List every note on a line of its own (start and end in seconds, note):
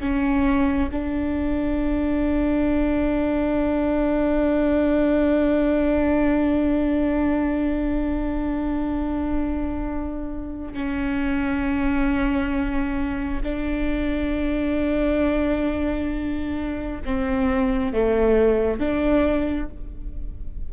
0.00 0.90 C#4
0.92 10.74 D4
10.74 13.42 C#4
13.43 17.01 D4
17.05 17.93 C4
17.93 18.80 A3
18.80 19.69 D4